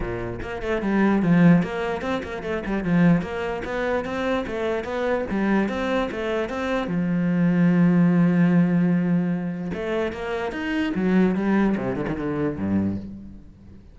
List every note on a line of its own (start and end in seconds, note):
0.00 0.39 A#2
0.42 0.62 A#3
0.62 0.81 A3
0.81 1.22 G3
1.22 1.63 F3
1.63 2.01 A#3
2.01 2.21 C4
2.23 2.43 A#3
2.43 2.63 A3
2.65 2.84 G3
2.84 3.21 F3
3.21 3.62 A#3
3.64 4.04 B3
4.04 4.45 C4
4.46 4.84 A3
4.84 5.24 B3
5.30 5.68 G3
5.68 6.09 C4
6.11 6.49 A3
6.49 6.87 C4
6.87 9.71 F3
9.73 10.12 A3
10.12 10.52 A#3
10.52 10.92 D#4
10.94 11.35 F#3
11.35 11.75 G3
11.76 11.95 C3
11.95 12.05 D3
12.08 12.16 D#3
12.16 12.56 D3
12.56 12.97 G2